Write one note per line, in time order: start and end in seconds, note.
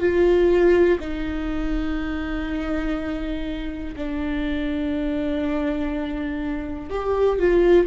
0.00 0.98 F4
1.00 3.95 D#4
3.96 6.90 D4
6.90 7.39 G4
7.39 7.87 F4